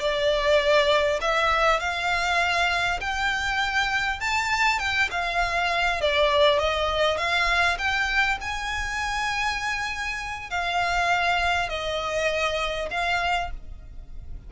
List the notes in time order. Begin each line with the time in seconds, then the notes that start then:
0.00 D5
1.21 E5
1.80 F5
3.01 G5
4.20 A5
4.79 G5
5.11 F5
6.01 D5
6.59 D#5
7.18 F5
7.78 G5
8.41 G#5
10.50 F5
11.69 D#5
12.91 F5